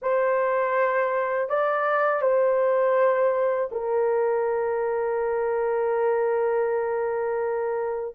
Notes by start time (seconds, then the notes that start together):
0.02 C5
1.49 D5
2.21 C5
3.71 A#4